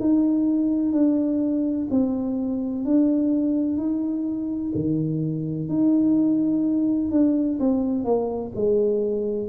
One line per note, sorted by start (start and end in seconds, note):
0.00 0.92 D#4
0.92 1.87 D4
1.90 2.85 C4
2.85 3.77 D4
3.77 4.72 D#4
4.75 5.69 D#3
5.69 7.11 D#4
7.11 7.59 D4
7.60 8.04 C4
8.04 8.52 A#3
8.55 9.48 G#3